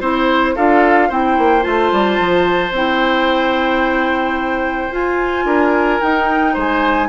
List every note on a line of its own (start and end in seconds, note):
0.00 0.55 C4
0.00 0.56 E4
0.00 0.55 C5
0.00 0.56 C5
0.55 1.10 D4
0.55 1.10 F4
0.55 1.08 A4
0.55 1.11 F5
1.08 1.37 C4
1.08 1.61 E4
1.08 5.45 C5
1.08 1.63 G5
1.38 1.65 A#3
1.61 1.92 A3
1.61 2.70 F4
1.61 2.72 A5
1.92 2.19 G3
2.19 2.71 F3
2.71 4.89 C4
2.71 4.90 E4
2.71 4.94 G5
4.90 6.00 F4
4.90 5.45 F4
4.90 6.01 G#5
5.45 5.99 D4
5.45 6.53 A#4
6.01 7.09 D#4
6.01 6.56 D#4
6.01 6.55 G5
6.53 7.09 G#3
6.53 7.08 C5
6.59 7.09 G#5